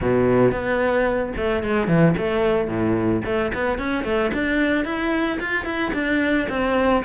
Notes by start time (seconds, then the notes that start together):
0.01 B2
0.51 B3
1.36 A3
1.63 G#3
1.87 E3
2.17 A3
2.68 A2
3.25 A3
3.54 B3
3.78 C#4
4.04 A3
4.33 D4
4.84 E4
5.40 F4
5.65 E4
5.93 D4
6.49 C4